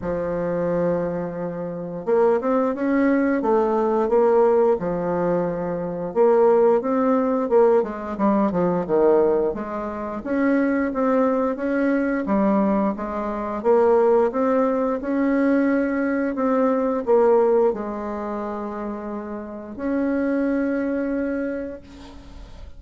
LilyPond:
\new Staff \with { instrumentName = "bassoon" } { \time 4/4 \tempo 4 = 88 f2. ais8 c'8 | cis'4 a4 ais4 f4~ | f4 ais4 c'4 ais8 gis8 | g8 f8 dis4 gis4 cis'4 |
c'4 cis'4 g4 gis4 | ais4 c'4 cis'2 | c'4 ais4 gis2~ | gis4 cis'2. | }